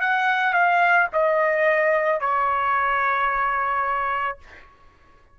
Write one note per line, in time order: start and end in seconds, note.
0.00 0.53 F#5
0.53 1.07 F5
1.13 2.20 D#5
2.20 4.38 C#5